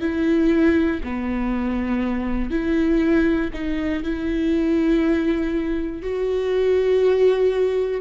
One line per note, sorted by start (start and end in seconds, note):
0.00 1.00 E4
1.04 2.50 B3
2.50 3.50 E4
3.53 4.03 D#4
4.03 6.02 E4
6.02 8.01 F#4